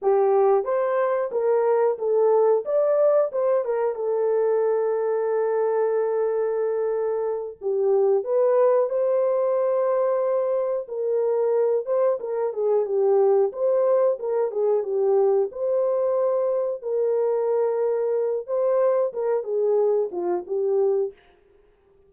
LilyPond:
\new Staff \with { instrumentName = "horn" } { \time 4/4 \tempo 4 = 91 g'4 c''4 ais'4 a'4 | d''4 c''8 ais'8 a'2~ | a'2.~ a'8 g'8~ | g'8 b'4 c''2~ c''8~ |
c''8 ais'4. c''8 ais'8 gis'8 g'8~ | g'8 c''4 ais'8 gis'8 g'4 c''8~ | c''4. ais'2~ ais'8 | c''4 ais'8 gis'4 f'8 g'4 | }